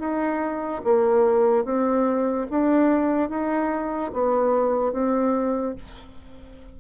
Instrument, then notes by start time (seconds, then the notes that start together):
bassoon
0.00 D#4
0.85 A#3
1.65 C4
2.51 D4
3.30 D#4
4.14 B3
4.93 C4